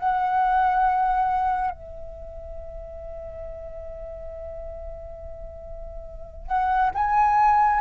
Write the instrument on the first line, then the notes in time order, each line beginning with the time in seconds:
flute
0.00 F#5
1.72 E5
6.47 F#5
6.95 G#5